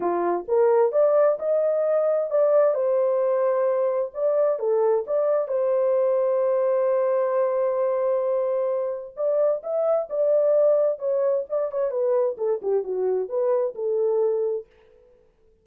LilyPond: \new Staff \with { instrumentName = "horn" } { \time 4/4 \tempo 4 = 131 f'4 ais'4 d''4 dis''4~ | dis''4 d''4 c''2~ | c''4 d''4 a'4 d''4 | c''1~ |
c''1 | d''4 e''4 d''2 | cis''4 d''8 cis''8 b'4 a'8 g'8 | fis'4 b'4 a'2 | }